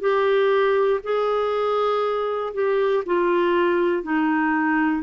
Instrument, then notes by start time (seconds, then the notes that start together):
clarinet
0.00 G4
1.03 G#4
2.53 G4
3.05 F4
4.03 D#4